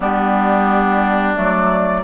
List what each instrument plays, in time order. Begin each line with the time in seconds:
0.00 bassoon G3, clarinet B3, oboe D4, flute G4
1.35 bassoon F#3, clarinet A3, flute D5